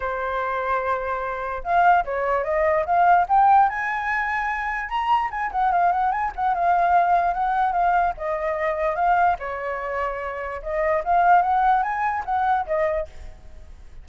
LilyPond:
\new Staff \with { instrumentName = "flute" } { \time 4/4 \tempo 4 = 147 c''1 | f''4 cis''4 dis''4 f''4 | g''4 gis''2. | ais''4 gis''8 fis''8 f''8 fis''8 gis''8 fis''8 |
f''2 fis''4 f''4 | dis''2 f''4 cis''4~ | cis''2 dis''4 f''4 | fis''4 gis''4 fis''4 dis''4 | }